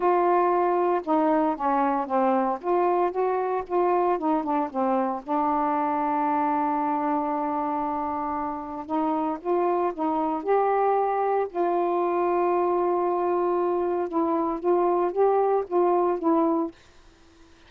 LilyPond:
\new Staff \with { instrumentName = "saxophone" } { \time 4/4 \tempo 4 = 115 f'2 dis'4 cis'4 | c'4 f'4 fis'4 f'4 | dis'8 d'8 c'4 d'2~ | d'1~ |
d'4 dis'4 f'4 dis'4 | g'2 f'2~ | f'2. e'4 | f'4 g'4 f'4 e'4 | }